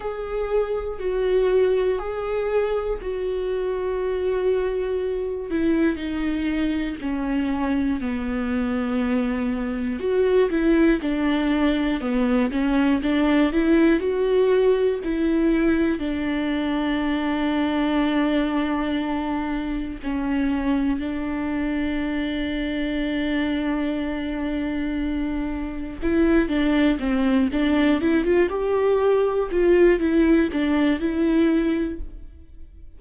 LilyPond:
\new Staff \with { instrumentName = "viola" } { \time 4/4 \tempo 4 = 60 gis'4 fis'4 gis'4 fis'4~ | fis'4. e'8 dis'4 cis'4 | b2 fis'8 e'8 d'4 | b8 cis'8 d'8 e'8 fis'4 e'4 |
d'1 | cis'4 d'2.~ | d'2 e'8 d'8 c'8 d'8 | e'16 f'16 g'4 f'8 e'8 d'8 e'4 | }